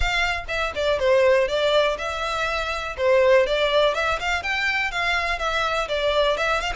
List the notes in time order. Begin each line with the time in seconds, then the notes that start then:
0.00 F5
0.48 E5
0.75 D5
0.99 C5
1.48 D5
1.98 E5
2.97 C5
3.46 D5
3.94 E5
4.19 F5
4.43 G5
4.91 F5
5.39 E5
5.88 D5
6.37 E5
6.60 F5